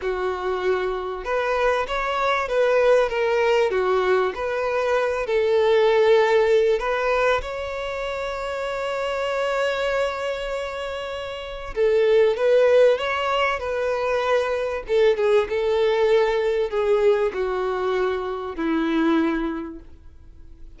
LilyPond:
\new Staff \with { instrumentName = "violin" } { \time 4/4 \tempo 4 = 97 fis'2 b'4 cis''4 | b'4 ais'4 fis'4 b'4~ | b'8 a'2~ a'8 b'4 | cis''1~ |
cis''2. a'4 | b'4 cis''4 b'2 | a'8 gis'8 a'2 gis'4 | fis'2 e'2 | }